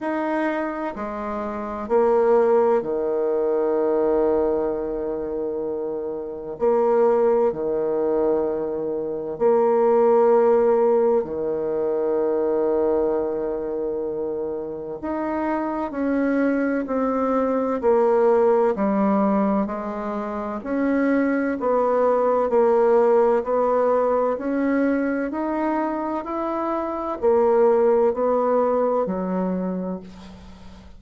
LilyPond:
\new Staff \with { instrumentName = "bassoon" } { \time 4/4 \tempo 4 = 64 dis'4 gis4 ais4 dis4~ | dis2. ais4 | dis2 ais2 | dis1 |
dis'4 cis'4 c'4 ais4 | g4 gis4 cis'4 b4 | ais4 b4 cis'4 dis'4 | e'4 ais4 b4 fis4 | }